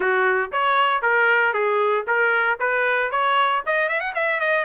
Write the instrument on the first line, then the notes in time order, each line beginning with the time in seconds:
trumpet
0.00 F#4
0.52 C#5
1.02 A#4
1.53 G#4
2.07 A#4
2.59 B4
3.11 C#5
3.66 D#5
3.88 E5
4.00 F#5
4.14 E5
4.40 D#5